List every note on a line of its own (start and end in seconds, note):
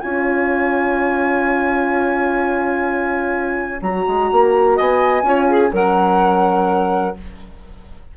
0.00 3.81 C#4
0.00 3.83 F4
0.00 4.76 C#5
0.00 3.81 G#5
3.81 4.05 F#3
3.81 5.25 F#4
3.81 4.77 A#5
4.07 4.31 G#3
4.31 4.79 A#3
4.76 5.22 B3
4.76 5.24 D#5
4.76 5.73 G#5
5.22 5.70 C#4
5.22 5.71 F4
5.22 5.48 C#5
5.48 5.72 G#4
5.71 7.15 F#3
5.71 7.14 C#4
5.71 7.16 A#4
5.71 7.17 F#5